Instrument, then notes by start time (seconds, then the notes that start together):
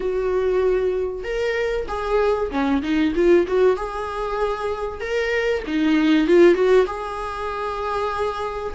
viola
0.00 F#4
1.23 A#4
1.88 G#4
2.50 C#4
2.82 D#4
3.15 F4
3.47 F#4
3.76 G#4
5.00 A#4
5.66 D#4
6.27 F4
6.54 F#4
6.86 G#4